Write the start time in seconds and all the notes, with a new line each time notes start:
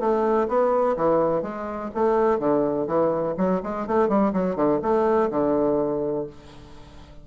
0.00 A3
0.48 B3
0.97 E3
1.42 G#3
1.94 A3
2.39 D3
2.87 E3
3.37 F#3
3.63 G#3
3.87 A3
4.09 G3
4.33 F#3
4.56 D3
4.82 A3
5.31 D3